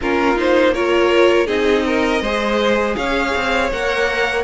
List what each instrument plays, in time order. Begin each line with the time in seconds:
0.01 cello A#3, viola C#4, violin F4 A#4
0.35 viola D#4, violin C5
0.73 viola F4, violin A#4 C#5
1.46 cello C4, viola D#4, violin G#4 D#5
1.85 violin A#4
2.21 cello G#3, viola G#4, violin C5
2.96 cello C#4, violin C#5 F5
3.35 cello C4
3.72 cello A#3, viola A#4, violin F#5